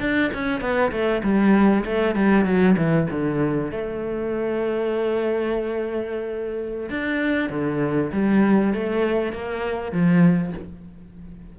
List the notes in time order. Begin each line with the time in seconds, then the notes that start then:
0.00 D4
0.34 C#4
0.61 B3
0.92 A3
1.23 G3
1.85 A3
2.15 G3
2.45 F#3
2.77 E3
3.10 D3
3.71 A3
6.89 D4
7.50 D3
8.12 G3
8.74 A3
9.32 A#3
9.92 F3